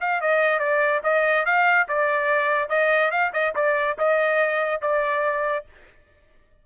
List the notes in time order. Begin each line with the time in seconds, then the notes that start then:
0.00 F5
0.21 D#5
0.59 D5
1.03 D#5
1.45 F5
1.88 D5
2.69 D#5
3.11 F5
3.33 D#5
3.55 D5
3.98 D#5
4.81 D5